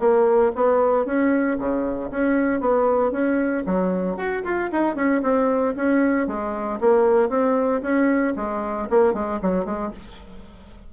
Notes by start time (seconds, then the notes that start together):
0.00 A#3
0.55 B3
1.06 C#4
1.59 C#3
2.11 C#4
2.60 B3
3.12 C#4
3.66 F#3
4.17 F#4
4.44 F4
4.72 D#4
4.96 C#4
5.23 C4
5.76 C#4
6.28 G#3
6.81 A#3
7.29 C4
7.82 C#4
8.36 G#3
8.91 A#3
9.14 G#3
9.42 F#3
9.65 G#3